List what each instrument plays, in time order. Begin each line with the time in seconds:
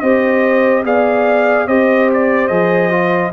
0.00 tuba C4, trombone G4, horn C5, trumpet D#5
0.84 tuba B3, trombone G#4, horn D5, trumpet F5
1.67 tuba C4, trombone G4, horn C5, trumpet D#5
2.13 trumpet D5
2.48 tuba F3, trombone G#4, trumpet D#5
2.91 trombone F4